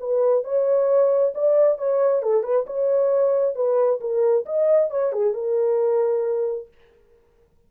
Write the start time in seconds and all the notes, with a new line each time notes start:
0.00 B4
0.44 C#5
1.35 D5
1.78 C#5
2.23 A4
2.44 B4
2.66 C#5
3.55 B4
4.01 A#4
4.46 D#5
4.91 C#5
5.12 G#4
5.34 A#4